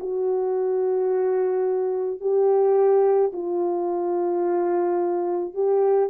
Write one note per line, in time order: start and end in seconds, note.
0.00 2.21 F#4
2.21 3.32 G4
3.32 5.54 F4
5.54 6.10 G4